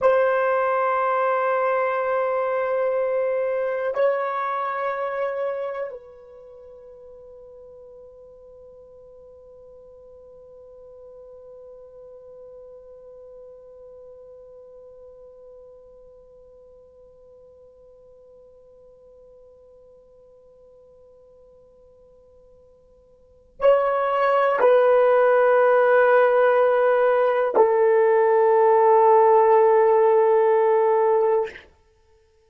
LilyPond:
\new Staff \with { instrumentName = "horn" } { \time 4/4 \tempo 4 = 61 c''1 | cis''2 b'2~ | b'1~ | b'1~ |
b'1~ | b'1 | cis''4 b'2. | a'1 | }